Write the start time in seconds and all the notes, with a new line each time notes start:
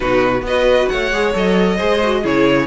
0.00 B2 D#4 F#4 B4
0.41 B3 B4 D#5
0.47 F#4
0.88 A3 C#5 F#5
1.11 G#3 G#4
1.33 F#3 A4 D#5
1.75 G#3 G#4 C5
2.03 F#4
2.22 C#3 E4 G#4 C#5